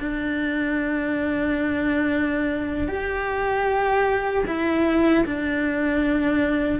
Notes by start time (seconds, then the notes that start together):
0.00 D4
2.88 G4
4.47 E4
5.26 D4